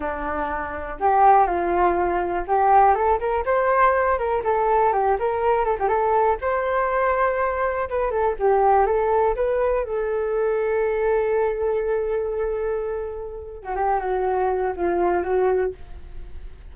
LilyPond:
\new Staff \with { instrumentName = "flute" } { \time 4/4 \tempo 4 = 122 d'2 g'4 f'4~ | f'4 g'4 a'8 ais'8 c''4~ | c''8 ais'8 a'4 g'8 ais'4 a'16 g'16 | a'4 c''2. |
b'8 a'8 g'4 a'4 b'4 | a'1~ | a'2.~ a'8. fis'16 | g'8 fis'4. f'4 fis'4 | }